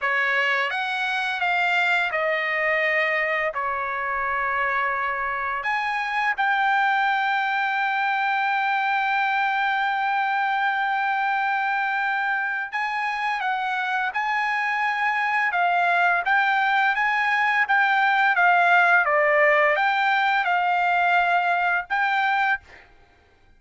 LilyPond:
\new Staff \with { instrumentName = "trumpet" } { \time 4/4 \tempo 4 = 85 cis''4 fis''4 f''4 dis''4~ | dis''4 cis''2. | gis''4 g''2.~ | g''1~ |
g''2 gis''4 fis''4 | gis''2 f''4 g''4 | gis''4 g''4 f''4 d''4 | g''4 f''2 g''4 | }